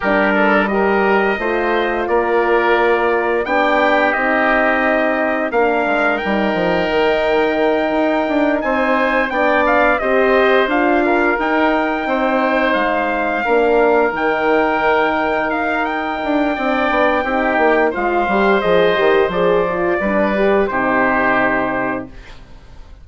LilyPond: <<
  \new Staff \with { instrumentName = "trumpet" } { \time 4/4 \tempo 4 = 87 ais'4 dis''2 d''4~ | d''4 g''4 dis''2 | f''4 g''2.~ | g''8 gis''4 g''8 f''8 dis''4 f''8~ |
f''8 g''2 f''4.~ | f''8 g''2 f''8 g''4~ | g''2 f''4 dis''4 | d''2 c''2 | }
  \new Staff \with { instrumentName = "oboe" } { \time 4/4 g'8 a'8 ais'4 c''4 ais'4~ | ais'4 g'2. | ais'1~ | ais'8 c''4 d''4 c''4. |
ais'4. c''2 ais'8~ | ais'1 | d''4 g'4 c''2~ | c''4 b'4 g'2 | }
  \new Staff \with { instrumentName = "horn" } { \time 4/4 d'4 g'4 f'2~ | f'4 d'4 dis'2 | d'4 dis'2.~ | dis'4. d'4 g'4 f'8~ |
f'8 dis'2. d'8~ | d'8 dis'2.~ dis'8 | d'4 dis'4 f'8 g'8 gis'8 g'8 | gis'8 f'8 d'8 g'8 dis'2 | }
  \new Staff \with { instrumentName = "bassoon" } { \time 4/4 g2 a4 ais4~ | ais4 b4 c'2 | ais8 gis8 g8 f8 dis4. dis'8 | d'8 c'4 b4 c'4 d'8~ |
d'8 dis'4 c'4 gis4 ais8~ | ais8 dis2 dis'4 d'8 | c'8 b8 c'8 ais8 gis8 g8 f8 dis8 | f4 g4 c2 | }
>>